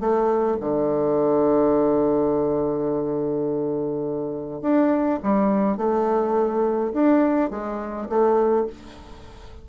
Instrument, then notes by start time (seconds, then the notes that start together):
bassoon
0.00 A3
0.60 D3
4.62 D4
5.23 G3
5.77 A3
6.93 D4
7.50 G#3
8.09 A3